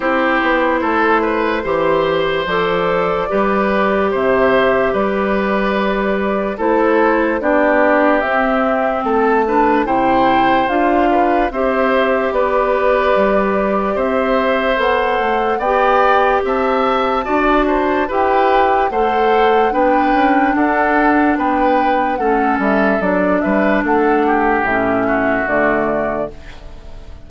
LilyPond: <<
  \new Staff \with { instrumentName = "flute" } { \time 4/4 \tempo 4 = 73 c''2. d''4~ | d''4 e''4 d''2 | c''4 d''4 e''4 a''4 | g''4 f''4 e''4 d''4~ |
d''4 e''4 fis''4 g''4 | a''2 g''4 fis''4 | g''4 fis''4 g''4 fis''8 e''8 | d''8 e''8 fis''4 e''4 d''4 | }
  \new Staff \with { instrumentName = "oboe" } { \time 4/4 g'4 a'8 b'8 c''2 | b'4 c''4 b'2 | a'4 g'2 a'8 b'8 | c''4. b'8 c''4 b'4~ |
b'4 c''2 d''4 | e''4 d''8 c''8 b'4 c''4 | b'4 a'4 b'4 a'4~ | a'8 b'8 a'8 g'4 fis'4. | }
  \new Staff \with { instrumentName = "clarinet" } { \time 4/4 e'2 g'4 a'4 | g'1 | e'4 d'4 c'4. d'8 | e'4 f'4 g'2~ |
g'2 a'4 g'4~ | g'4 fis'4 g'4 a'4 | d'2. cis'4 | d'2 cis'4 a4 | }
  \new Staff \with { instrumentName = "bassoon" } { \time 4/4 c'8 b8 a4 e4 f4 | g4 c4 g2 | a4 b4 c'4 a4 | c4 d'4 c'4 b4 |
g4 c'4 b8 a8 b4 | c'4 d'4 e'4 a4 | b8 cis'8 d'4 b4 a8 g8 | fis8 g8 a4 a,4 d4 | }
>>